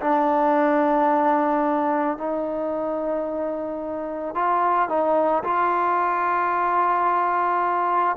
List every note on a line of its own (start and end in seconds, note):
0.00 2.17 D4
2.17 4.34 D#4
4.34 4.88 F4
4.88 5.43 D#4
5.43 8.16 F4